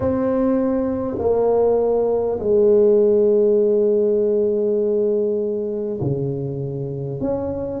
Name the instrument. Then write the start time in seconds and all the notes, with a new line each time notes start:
tuba
0.00 C4
1.18 A#3
2.39 G#3
6.01 C#3
7.20 C#4